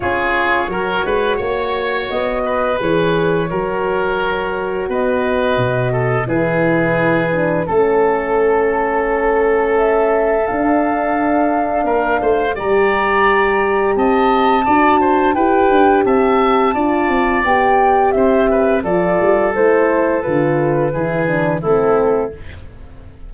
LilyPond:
<<
  \new Staff \with { instrumentName = "flute" } { \time 4/4 \tempo 4 = 86 cis''2. dis''4 | cis''2. dis''4~ | dis''4 b'2 a'4~ | a'2 e''4 f''4~ |
f''2 ais''2 | a''2 g''4 a''4~ | a''4 g''4 e''4 d''4 | c''4 b'2 a'4 | }
  \new Staff \with { instrumentName = "oboe" } { \time 4/4 gis'4 ais'8 b'8 cis''4. b'8~ | b'4 ais'2 b'4~ | b'8 a'8 gis'2 a'4~ | a'1~ |
a'4 ais'8 c''8 d''2 | dis''4 d''8 c''8 b'4 e''4 | d''2 c''8 b'8 a'4~ | a'2 gis'4 e'4 | }
  \new Staff \with { instrumentName = "horn" } { \time 4/4 f'4 fis'2. | gis'4 fis'2.~ | fis'4 e'4. d'8 cis'4~ | cis'2. d'4~ |
d'2 g'2~ | g'4 fis'4 g'2 | f'4 g'2 f'4 | e'4 f'4 e'8 d'8 c'4 | }
  \new Staff \with { instrumentName = "tuba" } { \time 4/4 cis'4 fis8 gis8 ais4 b4 | e4 fis2 b4 | b,4 e2 a4~ | a2. d'4~ |
d'4 ais8 a8 g2 | c'4 d'4 e'8 d'8 c'4 | d'8 c'8 b4 c'4 f8 g8 | a4 d4 e4 a4 | }
>>